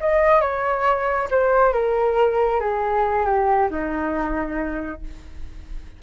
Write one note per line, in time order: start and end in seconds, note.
0.00 0.41 D#5
0.41 1.29 C#5
1.30 1.73 C5
1.73 2.60 A#4
2.60 3.25 G#4
3.25 3.69 G4
3.70 5.01 D#4